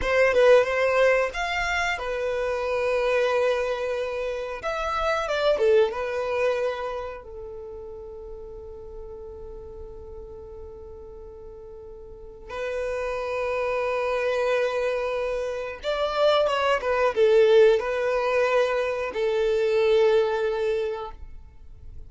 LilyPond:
\new Staff \with { instrumentName = "violin" } { \time 4/4 \tempo 4 = 91 c''8 b'8 c''4 f''4 b'4~ | b'2. e''4 | d''8 a'8 b'2 a'4~ | a'1~ |
a'2. b'4~ | b'1 | d''4 cis''8 b'8 a'4 b'4~ | b'4 a'2. | }